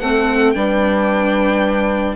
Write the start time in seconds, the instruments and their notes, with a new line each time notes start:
0.00 bassoon A3, viola C4, horn A4, violin F#5
0.52 bassoon G3, viola D4, horn B4, violin G5